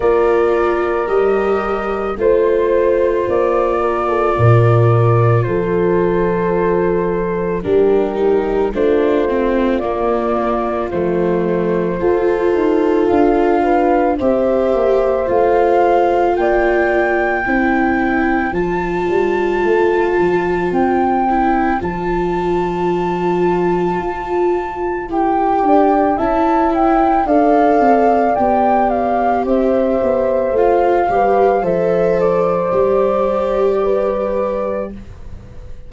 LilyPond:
<<
  \new Staff \with { instrumentName = "flute" } { \time 4/4 \tempo 4 = 55 d''4 dis''4 c''4 d''4~ | d''4 c''2 ais'4 | c''4 d''4 c''2 | f''4 e''4 f''4 g''4~ |
g''4 a''2 g''4 | a''2. g''4 | a''8 g''8 f''4 g''8 f''8 e''4 | f''4 e''8 d''2~ d''8 | }
  \new Staff \with { instrumentName = "horn" } { \time 4/4 ais'2 c''4. ais'16 a'16 | ais'4 a'2 g'4 | f'2. a'4~ | a'8 b'8 c''2 d''4 |
c''1~ | c''2.~ c''8 d''8 | e''4 d''2 c''4~ | c''8 b'8 c''2 b'4 | }
  \new Staff \with { instrumentName = "viola" } { \time 4/4 f'4 g'4 f'2~ | f'2. d'8 dis'8 | d'8 c'8 ais4 a4 f'4~ | f'4 g'4 f'2 |
e'4 f'2~ f'8 e'8 | f'2. g'4 | e'4 a'4 g'2 | f'8 g'8 a'4 g'2 | }
  \new Staff \with { instrumentName = "tuba" } { \time 4/4 ais4 g4 a4 ais4 | ais,4 f2 g4 | a4 ais4 f4 f'8 dis'8 | d'4 c'8 ais8 a4 ais4 |
c'4 f8 g8 a8 f8 c'4 | f2 f'4 e'8 d'8 | cis'4 d'8 c'8 b4 c'8 b8 | a8 g8 f4 g2 | }
>>